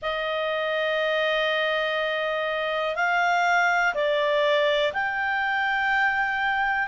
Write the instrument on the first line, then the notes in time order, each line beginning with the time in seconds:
clarinet
0.02 D#5
2.95 F5
3.94 D5
4.93 G5